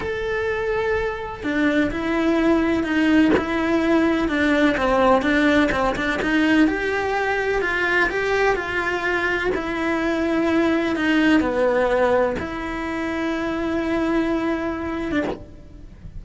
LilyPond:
\new Staff \with { instrumentName = "cello" } { \time 4/4 \tempo 4 = 126 a'2. d'4 | e'2 dis'4 e'4~ | e'4 d'4 c'4 d'4 | c'8 d'8 dis'4 g'2 |
f'4 g'4 f'2 | e'2. dis'4 | b2 e'2~ | e'2.~ e'8. d'16 | }